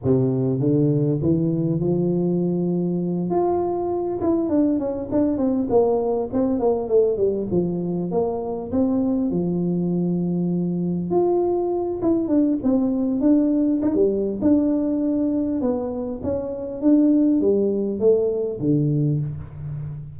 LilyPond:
\new Staff \with { instrumentName = "tuba" } { \time 4/4 \tempo 4 = 100 c4 d4 e4 f4~ | f4. f'4. e'8 d'8 | cis'8 d'8 c'8 ais4 c'8 ais8 a8 | g8 f4 ais4 c'4 f8~ |
f2~ f8 f'4. | e'8 d'8 c'4 d'4 dis'16 g8. | d'2 b4 cis'4 | d'4 g4 a4 d4 | }